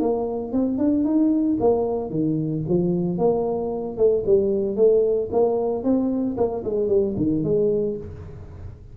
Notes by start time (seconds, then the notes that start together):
0.00 A#3
0.53 C4
0.78 D4
1.05 D#4
1.60 A#3
2.10 D#3
2.69 F3
3.18 A#3
3.97 A3
4.26 G3
4.76 A3
5.32 A#3
5.84 C4
6.37 A#3
6.64 G#3
6.89 G3
7.17 D#3
7.44 G#3